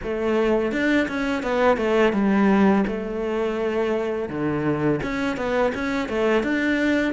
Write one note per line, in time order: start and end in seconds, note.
0.03 0.71 A3
0.71 1.07 D4
1.07 1.43 C#4
1.43 1.77 B3
1.77 2.12 A3
2.12 2.84 G3
2.87 4.29 A3
4.29 5.00 D3
5.02 5.36 C#4
5.36 5.72 B3
5.74 6.08 C#4
6.08 6.43 A3
6.43 7.13 D4